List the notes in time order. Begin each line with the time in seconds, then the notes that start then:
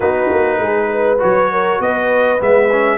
0.00 B3 D#4 F#4 B4
0.30 A#3
0.59 G#3 G#4
0.92 B4
1.18 F#3 F#4 C#5
1.52 A#4
1.79 B3 B4 D#5
2.39 G#3 B3 E5
2.71 C#4